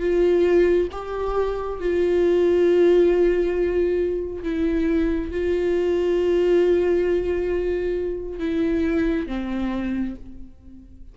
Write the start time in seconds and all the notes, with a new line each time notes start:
0.00 F4
0.92 G4
1.80 F4
4.43 E4
5.31 F4
8.39 E4
9.27 C4